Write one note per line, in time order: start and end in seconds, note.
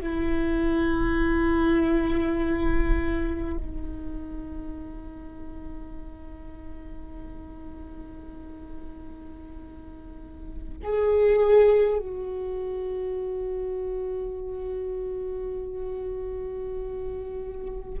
0.00 3.57 E4
3.57 10.77 D#4
10.82 11.98 G#4
11.98 17.98 F#4